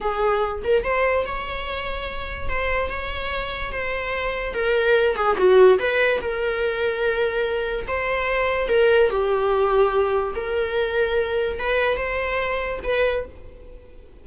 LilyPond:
\new Staff \with { instrumentName = "viola" } { \time 4/4 \tempo 4 = 145 gis'4. ais'8 c''4 cis''4~ | cis''2 c''4 cis''4~ | cis''4 c''2 ais'4~ | ais'8 gis'8 fis'4 b'4 ais'4~ |
ais'2. c''4~ | c''4 ais'4 g'2~ | g'4 ais'2. | b'4 c''2 b'4 | }